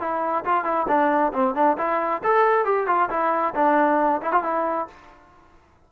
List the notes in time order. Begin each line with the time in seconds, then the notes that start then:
0.00 E4
0.45 F4
0.65 E4
0.88 D4
1.33 C4
1.55 D4
1.78 E4
2.24 A4
2.65 G4
2.87 F4
3.10 E4
3.55 D4
4.22 E4
4.32 F4
4.43 E4